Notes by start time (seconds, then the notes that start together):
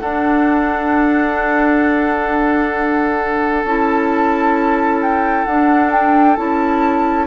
0.00 D4 A4 F#5
3.63 C#4 E4 A5
5.02 G5
5.45 D4 F#5
5.91 G5
6.36 C#4 E4 A5